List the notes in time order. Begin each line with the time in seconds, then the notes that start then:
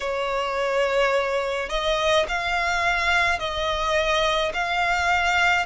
0.00 C#5
1.69 D#5
2.28 F5
3.39 D#5
4.53 F5